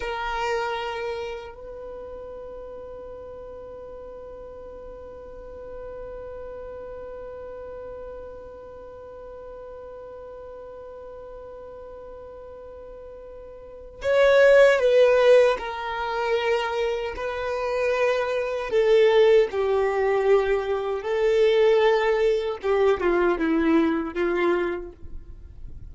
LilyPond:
\new Staff \with { instrumentName = "violin" } { \time 4/4 \tempo 4 = 77 ais'2 b'2~ | b'1~ | b'1~ | b'1~ |
b'2 cis''4 b'4 | ais'2 b'2 | a'4 g'2 a'4~ | a'4 g'8 f'8 e'4 f'4 | }